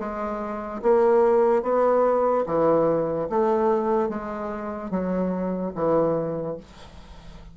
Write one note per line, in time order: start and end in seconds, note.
0.00 0.82 G#3
0.83 1.63 A#3
1.63 2.45 B3
2.47 3.29 E3
3.30 4.09 A3
4.09 4.91 G#3
4.91 5.73 F#3
5.75 6.58 E3